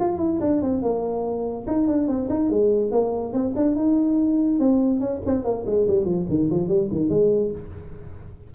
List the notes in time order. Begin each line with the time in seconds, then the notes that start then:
0.00 F4
0.18 E4
0.41 D4
0.62 C4
0.82 A#3
1.67 D#4
1.88 D4
2.08 C4
2.30 D#4
2.50 G#3
2.92 A#3
3.33 C4
3.56 D4
3.76 D#4
4.60 C4
5.00 C#4
5.26 C4
5.44 A#3
5.66 G#3
5.88 G3
6.05 F3
6.29 D#3
6.50 F3
6.68 G3
6.92 D#3
7.10 G#3